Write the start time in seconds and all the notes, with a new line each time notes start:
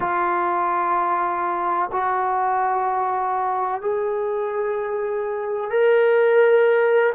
0.00 F4
1.92 F#4
3.81 G#4
5.70 A#4